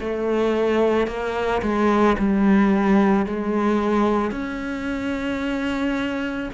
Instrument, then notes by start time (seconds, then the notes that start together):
cello
0.00 A3
1.07 A#3
1.62 G#3
2.18 G3
3.26 G#3
4.31 C#4